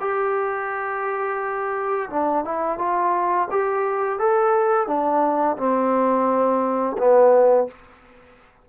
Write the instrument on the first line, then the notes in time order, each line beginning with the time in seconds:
trombone
0.00 G4
2.10 D4
2.44 E4
2.78 F4
3.50 G4
4.19 A4
4.87 D4
5.57 C4
6.97 B3